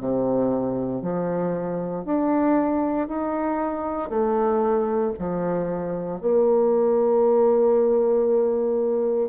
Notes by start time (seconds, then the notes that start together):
0.00 C3
1.02 F3
2.05 D4
3.08 D#4
4.10 A3
5.19 F3
6.21 A#3